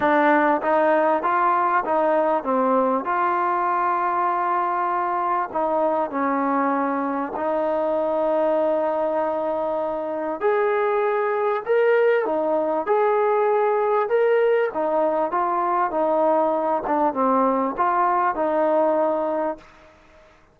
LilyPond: \new Staff \with { instrumentName = "trombone" } { \time 4/4 \tempo 4 = 98 d'4 dis'4 f'4 dis'4 | c'4 f'2.~ | f'4 dis'4 cis'2 | dis'1~ |
dis'4 gis'2 ais'4 | dis'4 gis'2 ais'4 | dis'4 f'4 dis'4. d'8 | c'4 f'4 dis'2 | }